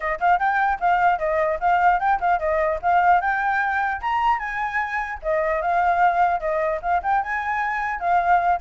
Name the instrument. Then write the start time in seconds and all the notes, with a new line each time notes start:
flute
0.00 D#5
0.20 F5
0.39 G5
0.80 F5
1.19 D#5
1.60 F5
1.99 G5
2.20 F5
2.39 D#5
2.81 F5
3.20 G5
4.01 A#5
4.38 G#5
5.22 D#5
5.61 F5
6.40 D#5
6.81 F5
7.03 G5
7.22 G#5
8.00 F5